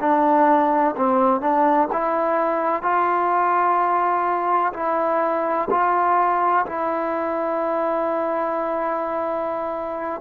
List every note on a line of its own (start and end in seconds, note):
0.00 0.95 D4
0.97 1.41 C4
1.41 1.88 D4
1.93 2.82 E4
2.82 4.73 F4
4.73 5.68 E4
5.71 6.66 F4
6.66 10.21 E4